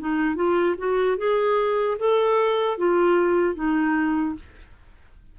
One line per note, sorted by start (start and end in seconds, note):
0.00 0.36 D#4
0.36 0.76 F4
0.78 1.18 F#4
1.18 1.98 G#4
1.99 2.78 A4
2.78 3.55 F4
3.55 4.35 D#4